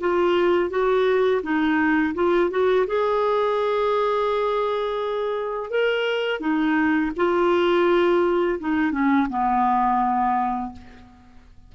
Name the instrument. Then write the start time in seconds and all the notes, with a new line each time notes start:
clarinet
0.00 F4
0.70 F#4
1.42 D#4
2.14 F4
2.50 F#4
2.87 G#4
5.70 A#4
6.40 D#4
7.16 F4
8.59 D#4
8.91 C#4
9.29 B3